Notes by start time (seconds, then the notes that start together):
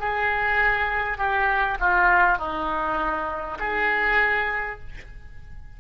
0.00 G#4
1.18 G4
1.79 F4
2.38 D#4
3.59 G#4